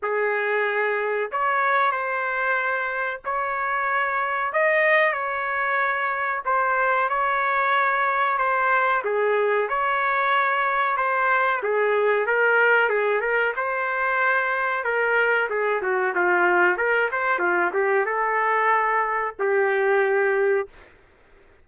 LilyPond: \new Staff \with { instrumentName = "trumpet" } { \time 4/4 \tempo 4 = 93 gis'2 cis''4 c''4~ | c''4 cis''2 dis''4 | cis''2 c''4 cis''4~ | cis''4 c''4 gis'4 cis''4~ |
cis''4 c''4 gis'4 ais'4 | gis'8 ais'8 c''2 ais'4 | gis'8 fis'8 f'4 ais'8 c''8 f'8 g'8 | a'2 g'2 | }